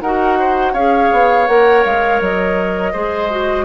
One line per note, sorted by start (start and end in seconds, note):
0.00 0.73 D#4
0.00 0.76 F#4
0.00 0.38 A#4
0.00 0.74 F#5
0.38 0.72 C5
0.72 1.10 C#4
0.72 1.47 G#4
0.72 2.92 C#5
0.72 1.47 F5
1.11 1.48 B3
1.47 1.84 A#3
1.47 2.94 A#4
1.47 1.83 F#5
1.84 2.20 G#3
1.84 2.21 F5
2.20 2.94 F#3
2.20 3.65 D#5
2.92 3.65 G#3
2.92 3.30 G#4
2.92 3.65 C5
3.30 3.65 F#4